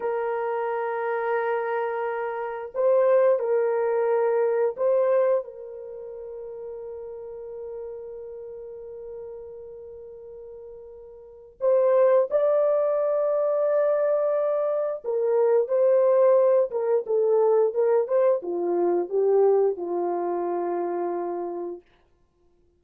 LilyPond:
\new Staff \with { instrumentName = "horn" } { \time 4/4 \tempo 4 = 88 ais'1 | c''4 ais'2 c''4 | ais'1~ | ais'1~ |
ais'4 c''4 d''2~ | d''2 ais'4 c''4~ | c''8 ais'8 a'4 ais'8 c''8 f'4 | g'4 f'2. | }